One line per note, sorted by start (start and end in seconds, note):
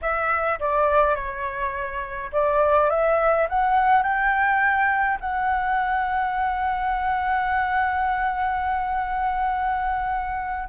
0.01 0.59 E5
0.59 1.15 D5
1.15 2.30 C#5
2.32 2.90 D5
2.90 3.47 E5
3.49 4.03 F#5
4.03 5.18 G5
5.20 10.68 F#5